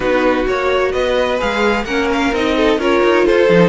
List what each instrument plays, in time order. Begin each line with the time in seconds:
0.00 cello B3, viola D#4, violin F#4 B4
0.46 cello A#3, viola F#4, violin C#5
0.91 cello B3, violin B4 D#5
1.38 cello G#3, viola G#4, violin F5
1.84 cello A#3, viola C#4, violin A#4 F#5
2.12 violin F5
2.31 cello C4, viola D#4, violin D#5
2.56 violin A4
2.78 cello C#4, viola F4, violin A#4 C#5
3.03 cello D#4
3.25 cello F4, violin A4 C5
3.49 cello F3, viola D#4